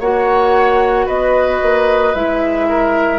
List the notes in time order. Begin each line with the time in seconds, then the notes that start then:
0.00 A#3 F#4 C#5 F#5
1.06 B3 B4 D#5
1.62 A#3
2.15 G#3 E4 E5
2.69 A#4